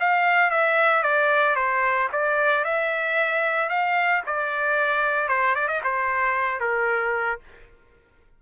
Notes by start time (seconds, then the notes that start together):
0.00 F5
0.50 E5
1.03 D5
1.55 C5
2.12 D5
2.64 E5
3.69 F5
4.26 D5
5.28 C5
5.55 D5
5.68 D#5
5.84 C5
6.60 A#4